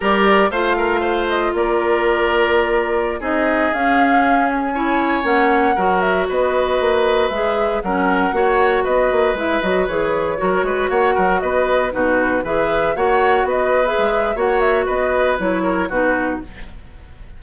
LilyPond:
<<
  \new Staff \with { instrumentName = "flute" } { \time 4/4 \tempo 4 = 117 d''4 f''4. dis''8 d''4~ | d''2~ d''16 dis''4 f''8.~ | f''8. gis''4. fis''4. e''16~ | e''16 dis''2 e''4 fis''8.~ |
fis''4~ fis''16 dis''4 e''8 dis''8 cis''8.~ | cis''4~ cis''16 fis''4 dis''4 b'8.~ | b'16 e''4 fis''4 dis''8. e''4 | fis''8 e''8 dis''4 cis''4 b'4 | }
  \new Staff \with { instrumentName = "oboe" } { \time 4/4 ais'4 c''8 ais'8 c''4 ais'4~ | ais'2~ ais'16 gis'4.~ gis'16~ | gis'4~ gis'16 cis''2 ais'8.~ | ais'16 b'2. ais'8.~ |
ais'16 cis''4 b'2~ b'8.~ | b'16 ais'8 b'8 cis''8 ais'8 b'4 fis'8.~ | fis'16 b'4 cis''4 b'4.~ b'16 | cis''4 b'4. ais'8 fis'4 | }
  \new Staff \with { instrumentName = "clarinet" } { \time 4/4 g'4 f'2.~ | f'2~ f'16 dis'4 cis'8.~ | cis'4~ cis'16 e'4 cis'4 fis'8.~ | fis'2~ fis'16 gis'4 cis'8.~ |
cis'16 fis'2 e'8 fis'8 gis'8.~ | gis'16 fis'2. dis'8.~ | dis'16 gis'4 fis'4.~ fis'16 gis'4 | fis'2 e'4 dis'4 | }
  \new Staff \with { instrumentName = "bassoon" } { \time 4/4 g4 a2 ais4~ | ais2~ ais16 c'4 cis'8.~ | cis'2~ cis'16 ais4 fis8.~ | fis16 b4 ais4 gis4 fis8.~ |
fis16 ais4 b8 ais8 gis8 fis8 e8.~ | e16 fis8 gis8 ais8 fis8 b4 b,8.~ | b,16 e4 ais4 b4 gis8. | ais4 b4 fis4 b,4 | }
>>